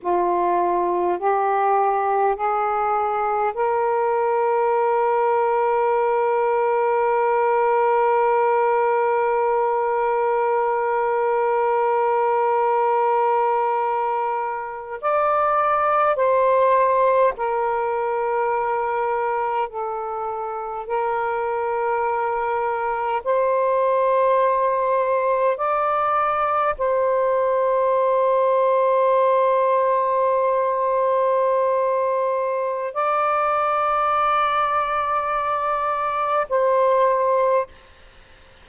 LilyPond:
\new Staff \with { instrumentName = "saxophone" } { \time 4/4 \tempo 4 = 51 f'4 g'4 gis'4 ais'4~ | ais'1~ | ais'1~ | ais'8. d''4 c''4 ais'4~ ais'16~ |
ais'8. a'4 ais'2 c''16~ | c''4.~ c''16 d''4 c''4~ c''16~ | c''1 | d''2. c''4 | }